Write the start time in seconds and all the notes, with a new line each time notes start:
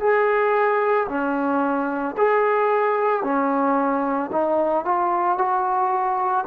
0.00 G#4
1.09 C#4
2.17 G#4
3.23 C#4
4.32 D#4
4.85 F4
5.38 F#4